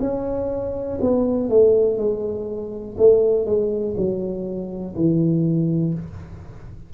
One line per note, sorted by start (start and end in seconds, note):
0.00 0.98 C#4
1.00 1.49 B3
1.49 1.97 A3
1.97 2.96 G#3
2.97 3.45 A3
3.45 3.94 G#3
3.97 4.95 F#3
4.95 5.93 E3